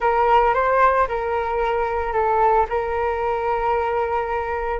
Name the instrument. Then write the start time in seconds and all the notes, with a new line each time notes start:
flute
0.00 A#4
0.54 C5
1.07 A#4
2.12 A4
2.69 A#4